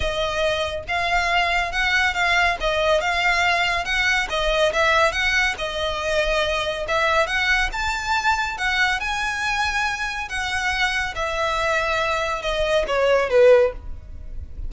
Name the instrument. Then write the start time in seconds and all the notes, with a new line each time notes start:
violin
0.00 D#5
0.87 F5
1.72 F#5
2.14 F5
2.60 D#5
3.00 F5
3.85 F#5
4.29 D#5
4.73 E5
5.12 F#5
5.58 D#5
6.88 E5
7.26 F#5
7.72 A5
8.57 F#5
9.00 G#5
10.29 F#5
11.15 E5
12.41 D#5
12.87 C#5
13.29 B4